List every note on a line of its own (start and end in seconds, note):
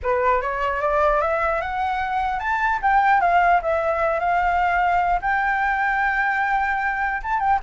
0.03 0.41 B4
0.41 0.81 C#5
0.81 1.21 D5
1.21 1.61 E5
1.61 2.39 F#5
2.39 2.79 A5
2.82 3.20 G5
3.20 3.60 F5
3.62 4.19 E5
4.19 5.19 F5
5.21 7.21 G5
7.23 7.39 A5
7.39 7.59 G5